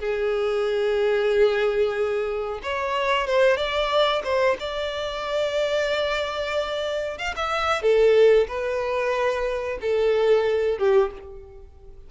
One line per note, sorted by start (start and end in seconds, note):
0.00 2.61 G#4
2.63 3.28 C#5
3.28 3.57 C5
3.57 4.22 D5
4.25 4.57 C5
4.60 7.19 D5
7.19 7.35 F5
7.36 7.83 E5
7.83 8.48 A4
8.48 9.79 B4
9.82 10.79 A4
10.79 11.12 G4